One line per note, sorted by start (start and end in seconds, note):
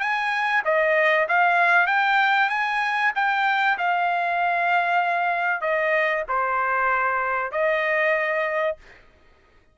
0.00 0.62 G#5
0.65 1.28 D#5
1.29 1.87 F5
1.87 2.50 G5
2.50 3.12 G#5
3.16 3.78 G5
3.78 5.61 F5
5.61 6.24 D#5
6.29 7.52 C5
7.52 8.77 D#5